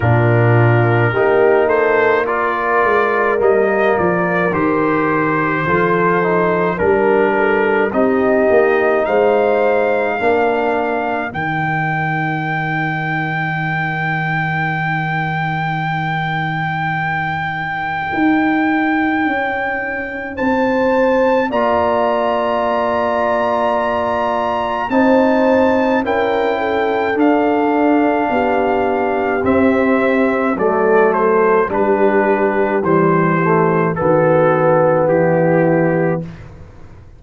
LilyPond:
<<
  \new Staff \with { instrumentName = "trumpet" } { \time 4/4 \tempo 4 = 53 ais'4. c''8 d''4 dis''8 d''8 | c''2 ais'4 dis''4 | f''2 g''2~ | g''1~ |
g''2 a''4 ais''4~ | ais''2 a''4 g''4 | f''2 e''4 d''8 c''8 | b'4 c''4 a'4 g'4 | }
  \new Staff \with { instrumentName = "horn" } { \time 4/4 f'4 g'8 a'8 ais'2~ | ais'4 a'4 ais'8 a'8 g'4 | c''4 ais'2.~ | ais'1~ |
ais'2 c''4 d''4~ | d''2 c''4 ais'8 a'8~ | a'4 g'2 a'4 | g'2 fis'4 e'4 | }
  \new Staff \with { instrumentName = "trombone" } { \time 4/4 d'4 dis'4 f'4 ais4 | g'4 f'8 dis'8 d'4 dis'4~ | dis'4 d'4 dis'2~ | dis'1~ |
dis'2. f'4~ | f'2 dis'4 e'4 | d'2 c'4 a4 | d'4 g8 a8 b2 | }
  \new Staff \with { instrumentName = "tuba" } { \time 4/4 ais,4 ais4. gis8 g8 f8 | dis4 f4 g4 c'8 ais8 | gis4 ais4 dis2~ | dis1 |
dis'4 cis'4 c'4 ais4~ | ais2 c'4 cis'4 | d'4 b4 c'4 fis4 | g4 e4 dis4 e4 | }
>>